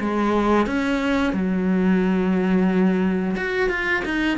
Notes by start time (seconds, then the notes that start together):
0.00 G#3
0.66 C#4
1.33 F#3
3.36 F#4
3.69 F4
4.04 D#4